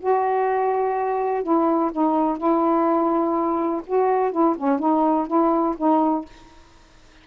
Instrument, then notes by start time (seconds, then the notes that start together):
saxophone
0.00 F#4
1.44 E4
1.93 D#4
2.38 E4
3.87 F#4
4.32 E4
4.58 C#4
4.80 D#4
5.28 E4
5.78 D#4